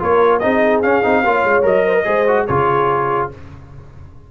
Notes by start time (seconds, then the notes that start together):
0.00 A#3 F4 A#4 C#5
0.39 C4 D#4 G#4 D#5
0.82 C#4 F5
1.04 C4 D#4
1.24 A#3 F4 C#5
1.45 G#3
1.63 F#3 A#4 D#5
1.87 C5
1.95 A#4
2.05 G#3 G#4 C5
2.28 F#4
2.47 C#3 F4 G#4 C#5